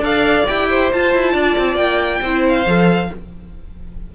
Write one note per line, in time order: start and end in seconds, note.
0.00 0.44 D4
0.00 0.47 A4
0.00 0.69 D5
0.00 0.47 F5
0.47 0.93 E4
0.47 0.92 G4
0.47 0.91 G5
0.70 1.33 C5
0.92 2.24 F4
0.92 1.15 F4
0.92 1.76 A5
1.15 1.34 E4
1.33 1.56 D4
1.33 2.20 D5
1.58 1.76 C4
1.76 2.20 A#3
1.76 2.42 G5
2.21 2.65 C4
2.21 2.67 E4
2.21 3.10 C5
2.49 3.15 F5
2.66 3.10 F3
2.66 3.10 A4